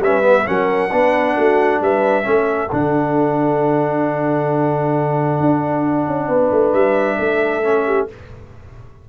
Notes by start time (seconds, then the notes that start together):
0.00 G3 C#4 B4 E5
0.23 B3
0.46 F#3 C#4 A#4 F#5
0.92 B3 D4 B4
1.36 A3 F#4
1.81 G3 B4 E5
2.24 A3 C#4 A4
2.72 D3 D4 F#5
5.41 D4
6.07 C#4
6.28 B3 B4
6.52 A3
6.74 G3 E5
7.19 A3 A4
7.64 C#4
7.86 G4